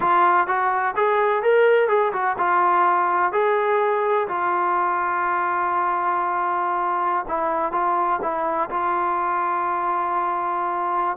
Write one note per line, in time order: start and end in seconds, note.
0.00 0.47 F4
0.47 0.94 F#4
0.96 1.42 G#4
1.42 1.88 A#4
1.88 2.12 G#4
2.12 2.36 F#4
2.37 3.32 F4
3.32 4.27 G#4
4.27 7.25 F4
7.28 7.71 E4
7.71 8.19 F4
8.21 8.69 E4
8.69 11.17 F4